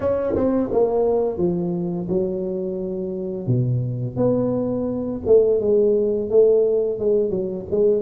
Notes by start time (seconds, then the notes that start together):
0.00 C#4
0.35 C4
0.71 A#3
1.37 F3
2.08 F#3
3.47 B2
4.16 B3
5.25 A3
5.60 G#3
6.30 A3
6.99 G#3
7.30 F#3
7.70 G#3